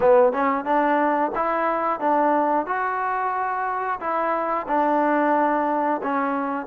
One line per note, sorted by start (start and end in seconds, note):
0.00 0.32 B3
0.32 0.65 C#4
0.65 1.31 D4
1.35 2.00 E4
2.00 2.66 D4
2.66 3.99 F#4
3.99 4.66 E4
4.67 6.01 D4
6.02 6.66 C#4